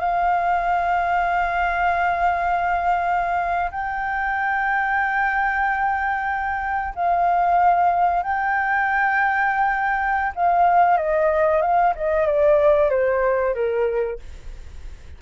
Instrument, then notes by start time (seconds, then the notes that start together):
flute
0.00 F5
3.72 G5
6.95 F5
8.23 G5
10.35 F5
10.97 D#5
11.62 F5
11.95 D#5
12.27 D5
12.90 C5
13.55 A#4